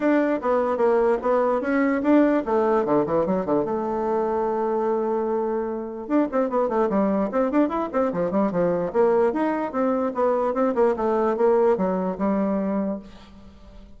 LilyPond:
\new Staff \with { instrumentName = "bassoon" } { \time 4/4 \tempo 4 = 148 d'4 b4 ais4 b4 | cis'4 d'4 a4 d8 e8 | fis8 d8 a2.~ | a2. d'8 c'8 |
b8 a8 g4 c'8 d'8 e'8 c'8 | f8 g8 f4 ais4 dis'4 | c'4 b4 c'8 ais8 a4 | ais4 fis4 g2 | }